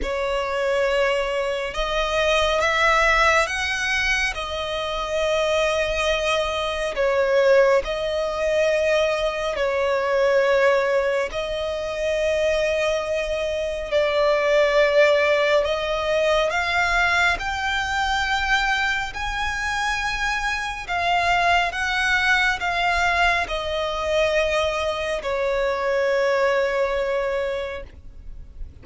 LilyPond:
\new Staff \with { instrumentName = "violin" } { \time 4/4 \tempo 4 = 69 cis''2 dis''4 e''4 | fis''4 dis''2. | cis''4 dis''2 cis''4~ | cis''4 dis''2. |
d''2 dis''4 f''4 | g''2 gis''2 | f''4 fis''4 f''4 dis''4~ | dis''4 cis''2. | }